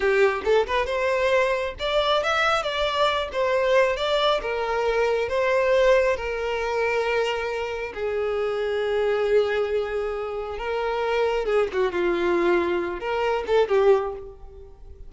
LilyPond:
\new Staff \with { instrumentName = "violin" } { \time 4/4 \tempo 4 = 136 g'4 a'8 b'8 c''2 | d''4 e''4 d''4. c''8~ | c''4 d''4 ais'2 | c''2 ais'2~ |
ais'2 gis'2~ | gis'1 | ais'2 gis'8 fis'8 f'4~ | f'4. ais'4 a'8 g'4 | }